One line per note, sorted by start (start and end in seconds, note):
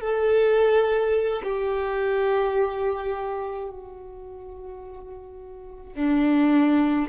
0.00 1.42 A4
1.43 3.69 G4
3.69 5.94 F#4
5.94 7.07 D4